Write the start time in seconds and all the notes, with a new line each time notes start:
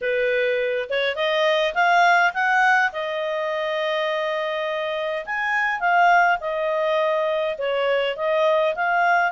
0.01 B4
0.89 C#5
1.15 D#5
1.74 F5
2.33 F#5
2.92 D#5
5.25 G#5
5.80 F5
6.40 D#5
7.58 C#5
8.16 D#5
8.75 F5